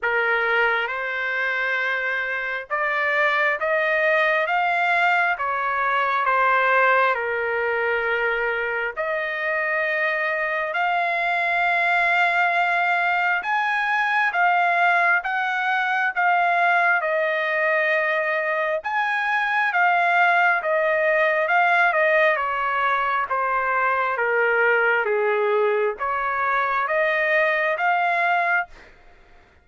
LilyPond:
\new Staff \with { instrumentName = "trumpet" } { \time 4/4 \tempo 4 = 67 ais'4 c''2 d''4 | dis''4 f''4 cis''4 c''4 | ais'2 dis''2 | f''2. gis''4 |
f''4 fis''4 f''4 dis''4~ | dis''4 gis''4 f''4 dis''4 | f''8 dis''8 cis''4 c''4 ais'4 | gis'4 cis''4 dis''4 f''4 | }